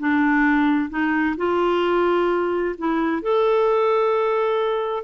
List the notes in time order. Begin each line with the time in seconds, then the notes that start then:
0.00 D4
0.90 D#4
1.37 F4
2.79 E4
3.23 A4